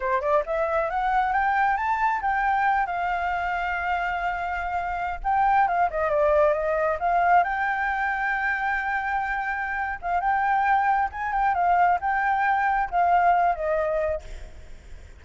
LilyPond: \new Staff \with { instrumentName = "flute" } { \time 4/4 \tempo 4 = 135 c''8 d''8 e''4 fis''4 g''4 | a''4 g''4. f''4.~ | f''2.~ f''8. g''16~ | g''8. f''8 dis''8 d''4 dis''4 f''16~ |
f''8. g''2.~ g''16~ | g''2~ g''8 f''8 g''4~ | g''4 gis''8 g''8 f''4 g''4~ | g''4 f''4. dis''4. | }